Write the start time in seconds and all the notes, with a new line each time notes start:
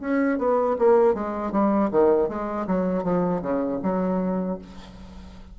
0.00 C#4
0.38 B3
0.79 A#3
1.14 G#3
1.52 G3
1.91 D#3
2.29 G#3
2.67 F#3
3.03 F3
3.42 C#3
3.83 F#3